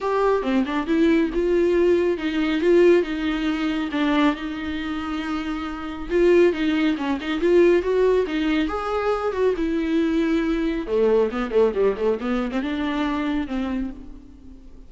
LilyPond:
\new Staff \with { instrumentName = "viola" } { \time 4/4 \tempo 4 = 138 g'4 c'8 d'8 e'4 f'4~ | f'4 dis'4 f'4 dis'4~ | dis'4 d'4 dis'2~ | dis'2 f'4 dis'4 |
cis'8 dis'8 f'4 fis'4 dis'4 | gis'4. fis'8 e'2~ | e'4 a4 b8 a8 g8 a8 | b8. c'16 d'2 c'4 | }